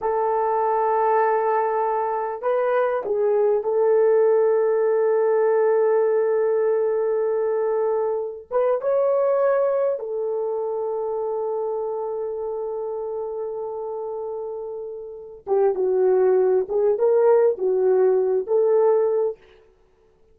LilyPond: \new Staff \with { instrumentName = "horn" } { \time 4/4 \tempo 4 = 99 a'1 | b'4 gis'4 a'2~ | a'1~ | a'2 b'8 cis''4.~ |
cis''8 a'2.~ a'8~ | a'1~ | a'4. g'8 fis'4. gis'8 | ais'4 fis'4. a'4. | }